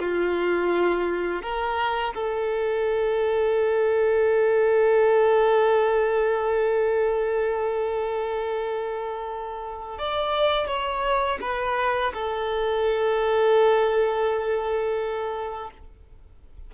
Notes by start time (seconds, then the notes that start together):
0.00 F4
1.43 A#4
2.15 A4
9.99 D5
10.68 C#5
11.42 B4
12.14 A4